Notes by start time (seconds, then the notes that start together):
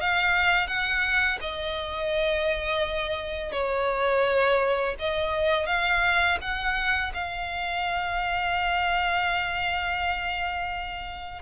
0.00 F5
0.67 F#5
1.41 D#5
3.52 C#5
4.99 D#5
5.66 F5
6.41 F#5
7.14 F5